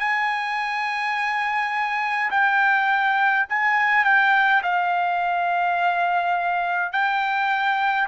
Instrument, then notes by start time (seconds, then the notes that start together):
trumpet
0.00 G#5
2.31 G5
3.50 G#5
4.05 G5
4.63 F5
6.93 G5